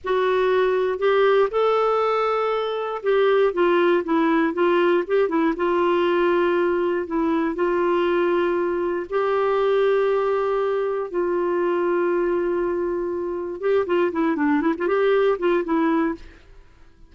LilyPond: \new Staff \with { instrumentName = "clarinet" } { \time 4/4 \tempo 4 = 119 fis'2 g'4 a'4~ | a'2 g'4 f'4 | e'4 f'4 g'8 e'8 f'4~ | f'2 e'4 f'4~ |
f'2 g'2~ | g'2 f'2~ | f'2. g'8 f'8 | e'8 d'8 e'16 f'16 g'4 f'8 e'4 | }